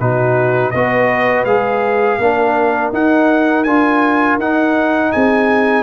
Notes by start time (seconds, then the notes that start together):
0.00 B2 D#4 F#4 B4
0.71 B3 F#4 B4 D#5
1.45 G#3 G#4 F5
2.19 A#3 D4 A#4
2.93 D#4 F#5
3.64 D4 F4 G#5
4.38 D#4 F#5
5.12 C4 G#4 G#5